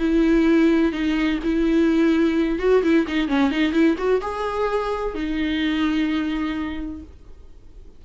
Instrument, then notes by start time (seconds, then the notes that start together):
viola
0.00 E4
0.93 D#4
1.44 E4
2.59 F#4
2.83 E4
3.08 D#4
3.29 C#4
3.51 D#4
3.73 E4
3.98 F#4
4.22 G#4
5.15 D#4